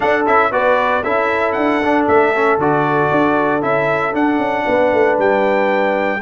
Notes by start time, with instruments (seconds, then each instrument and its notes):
0.00 trombone D4, tuba D4, horn A4, trumpet F#5
0.26 tuba C#4, trombone E4, trumpet E5
0.51 tuba B3, trombone F#4, horn B4, trumpet D5
1.02 tuba C#4, trombone E4, horn A4, trumpet E5
1.52 tuba D4, trumpet F#5
1.82 trombone D4
2.07 tuba A3, trumpet E5
2.34 trombone C#4
2.57 tuba D3, trombone F#4, trumpet D5
3.11 tuba D4
3.61 tuba C#4, trombone E4, trumpet E5
4.12 trombone D4, tuba D4, trumpet F#5
4.38 tuba C#4
4.65 tuba B3, horn B4
4.92 tuba A3
5.18 tuba G3, trumpet G5